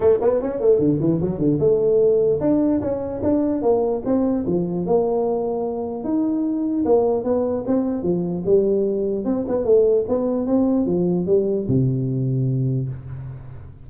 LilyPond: \new Staff \with { instrumentName = "tuba" } { \time 4/4 \tempo 4 = 149 a8 b8 cis'8 a8 d8 e8 fis8 d8 | a2 d'4 cis'4 | d'4 ais4 c'4 f4 | ais2. dis'4~ |
dis'4 ais4 b4 c'4 | f4 g2 c'8 b8 | a4 b4 c'4 f4 | g4 c2. | }